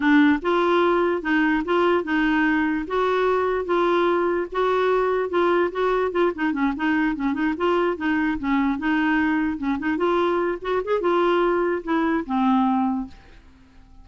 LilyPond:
\new Staff \with { instrumentName = "clarinet" } { \time 4/4 \tempo 4 = 147 d'4 f'2 dis'4 | f'4 dis'2 fis'4~ | fis'4 f'2 fis'4~ | fis'4 f'4 fis'4 f'8 dis'8 |
cis'8 dis'4 cis'8 dis'8 f'4 dis'8~ | dis'8 cis'4 dis'2 cis'8 | dis'8 f'4. fis'8 gis'8 f'4~ | f'4 e'4 c'2 | }